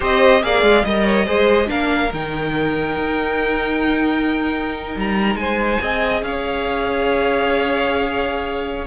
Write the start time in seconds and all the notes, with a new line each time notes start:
0.00 C4 G4 C5 D#5
0.42 A#3 G#4 D5 F5
0.62 G#3
0.84 G3 A#4 D#5
1.04 C#5
1.25 G#3 G#4 C5
1.66 A#3 D4 A#4 F5
2.12 D#3 D#4 G5
2.96 D#4
4.96 G3 A#5
5.35 G#3 C5 G#5
5.79 C4 G#4 D#5
6.22 C#4 C#5 F5